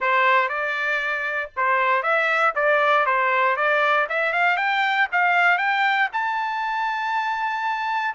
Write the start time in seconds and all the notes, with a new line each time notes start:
0.00 C5
0.48 D5
1.56 C5
2.02 E5
2.55 D5
3.05 C5
3.56 D5
4.09 E5
4.32 F5
4.56 G5
5.11 F5
5.57 G5
6.12 A5